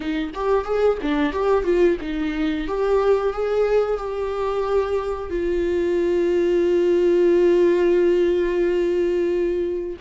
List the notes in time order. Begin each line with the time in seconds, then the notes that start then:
0.00 D#4
0.34 G4
0.64 G#4
1.02 D4
1.32 G4
1.63 F4
2.01 D#4
2.67 G4
3.33 G#4
3.97 G4
5.30 F4